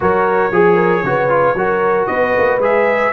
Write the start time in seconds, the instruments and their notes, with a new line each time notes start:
0.00 tuba F#3, trombone F#4, horn A#4, trumpet C#5
0.51 tuba F3, horn G#4, trombone G#4
0.75 horn A#4
1.03 tuba C#3, trombone F#4, horn B4
1.29 trombone F4
1.54 tuba F#3, trombone F#4, horn A#4
2.06 tuba B3, horn B4, trumpet D#5
2.37 tuba A#3
2.58 tuba G#3, trombone G#4, trumpet E5